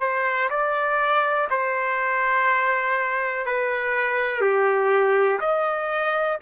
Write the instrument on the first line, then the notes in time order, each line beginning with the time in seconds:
trumpet
0.00 C5
0.50 D5
1.50 C5
3.45 B4
4.41 G4
5.39 D#5